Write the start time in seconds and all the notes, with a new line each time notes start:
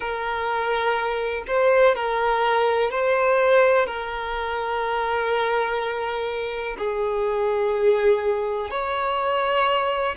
0.00 A#4
1.47 C5
1.95 A#4
2.90 C5
3.86 A#4
6.77 G#4
8.70 C#5